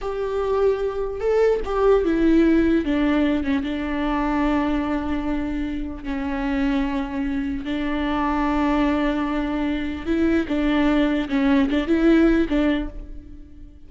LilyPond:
\new Staff \with { instrumentName = "viola" } { \time 4/4 \tempo 4 = 149 g'2. a'4 | g'4 e'2 d'4~ | d'8 cis'8 d'2.~ | d'2. cis'4~ |
cis'2. d'4~ | d'1~ | d'4 e'4 d'2 | cis'4 d'8 e'4. d'4 | }